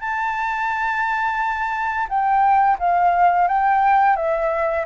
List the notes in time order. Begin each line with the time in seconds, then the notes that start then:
0.00 A5
2.09 G5
2.79 F5
3.48 G5
4.16 E5